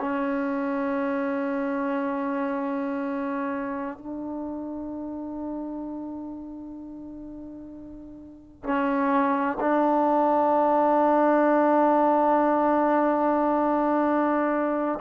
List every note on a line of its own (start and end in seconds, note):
0.00 3.98 C#4
3.98 8.64 D4
8.64 9.58 C#4
9.61 15.00 D4